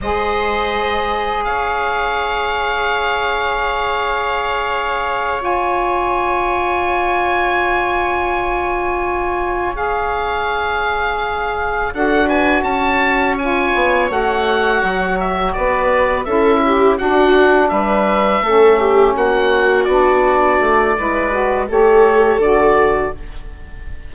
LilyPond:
<<
  \new Staff \with { instrumentName = "oboe" } { \time 4/4 \tempo 4 = 83 dis''2 f''2~ | f''2.~ f''8 gis''8~ | gis''1~ | gis''4. f''2~ f''8~ |
f''8 fis''8 gis''8 a''4 gis''4 fis''8~ | fis''4 e''8 d''4 e''4 fis''8~ | fis''8 e''2 fis''4 d''8~ | d''2 cis''4 d''4 | }
  \new Staff \with { instrumentName = "viola" } { \time 4/4 c''2 cis''2~ | cis''1~ | cis''1~ | cis''1~ |
cis''8 a'8 b'8 cis''2~ cis''8~ | cis''4. b'4 a'8 g'8 fis'8~ | fis'8 b'4 a'8 g'8 fis'4.~ | fis'4 b'4 a'2 | }
  \new Staff \with { instrumentName = "saxophone" } { \time 4/4 gis'1~ | gis'2.~ gis'8 f'8~ | f'1~ | f'4. gis'2~ gis'8~ |
gis'8 fis'2 f'4 fis'8~ | fis'2~ fis'8 e'4 d'8~ | d'4. cis'2 d'8~ | d'4 e'8 fis'8 g'4 fis'4 | }
  \new Staff \with { instrumentName = "bassoon" } { \time 4/4 gis2 cis'2~ | cis'1~ | cis'1~ | cis'1~ |
cis'8 d'4 cis'4. b8 a8~ | a8 fis4 b4 cis'4 d'8~ | d'8 g4 a4 ais4 b8~ | b8 a8 gis4 a4 d4 | }
>>